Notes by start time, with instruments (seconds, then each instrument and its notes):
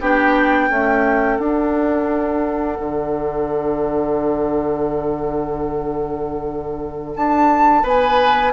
0.00 bassoon B3, clarinet D4, oboe G4, flute G5
0.69 clarinet A3, bassoon C#4, oboe A4
1.39 clarinet D4, bassoon D4, flute F#5
2.80 bassoon D3
7.16 bassoon D4, flute A5
7.83 bassoon B3, oboe B4, flute G#5